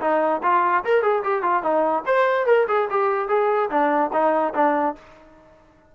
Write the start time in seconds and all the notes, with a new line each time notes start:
0.00 D#4
0.43 F4
0.84 A#4
1.02 G#4
1.23 G4
1.42 F4
1.62 D#4
2.06 C5
2.46 A#4
2.68 G#4
2.90 G4
3.28 G#4
3.69 D4
4.12 D#4
4.54 D4